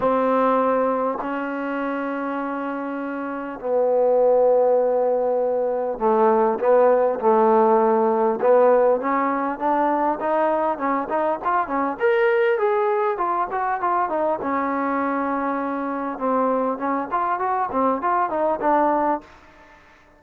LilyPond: \new Staff \with { instrumentName = "trombone" } { \time 4/4 \tempo 4 = 100 c'2 cis'2~ | cis'2 b2~ | b2 a4 b4 | a2 b4 cis'4 |
d'4 dis'4 cis'8 dis'8 f'8 cis'8 | ais'4 gis'4 f'8 fis'8 f'8 dis'8 | cis'2. c'4 | cis'8 f'8 fis'8 c'8 f'8 dis'8 d'4 | }